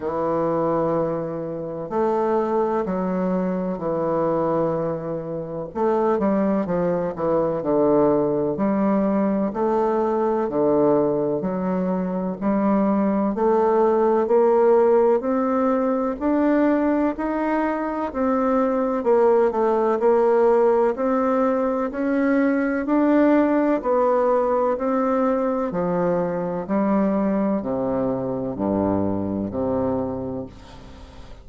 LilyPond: \new Staff \with { instrumentName = "bassoon" } { \time 4/4 \tempo 4 = 63 e2 a4 fis4 | e2 a8 g8 f8 e8 | d4 g4 a4 d4 | fis4 g4 a4 ais4 |
c'4 d'4 dis'4 c'4 | ais8 a8 ais4 c'4 cis'4 | d'4 b4 c'4 f4 | g4 c4 g,4 c4 | }